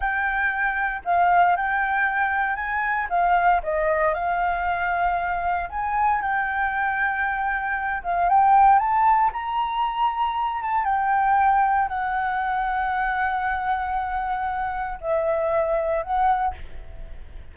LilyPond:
\new Staff \with { instrumentName = "flute" } { \time 4/4 \tempo 4 = 116 g''2 f''4 g''4~ | g''4 gis''4 f''4 dis''4 | f''2. gis''4 | g''2.~ g''8 f''8 |
g''4 a''4 ais''2~ | ais''8 a''8 g''2 fis''4~ | fis''1~ | fis''4 e''2 fis''4 | }